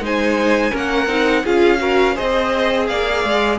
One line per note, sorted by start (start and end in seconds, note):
0.00 0.71 G#3
0.00 0.71 D#4
0.00 0.71 C5
0.00 0.77 G#5
0.71 1.07 A#3
0.71 1.07 C#4
0.71 1.43 A#4
0.71 1.46 F#5
1.07 1.43 C4
1.07 1.44 D#4
1.43 2.18 C#4
1.43 1.78 F4
1.43 1.79 G#4
1.43 2.17 F5
1.78 2.14 F#4
1.78 2.15 A#4
2.15 2.90 C4
2.15 3.58 G#4
2.15 2.86 C5
2.15 2.87 D#5
2.87 3.24 A#3
2.87 3.58 D5
2.87 3.58 F5
3.24 3.58 G#3